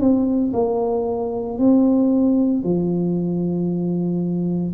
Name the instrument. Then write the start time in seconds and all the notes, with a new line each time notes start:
tuba
0.00 C4
0.53 A#3
1.58 C4
2.64 F3